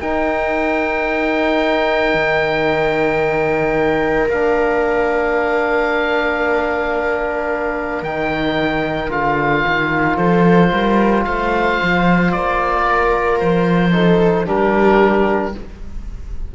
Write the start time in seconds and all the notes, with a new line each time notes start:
0.00 D#4 A#4 G5
2.14 D#3
4.29 A#3 D4 F5
8.02 D#3 D#4 G5
9.09 D3 F4 F5
9.67 D#3
10.17 F3 A4 C5
10.72 G3 A#4
11.25 A3 C5 F5
11.83 F3
12.32 A#3 D5
12.86 A#4
13.40 F3 C5
13.93 D#4 A4
14.46 G3 D4 G4 A#4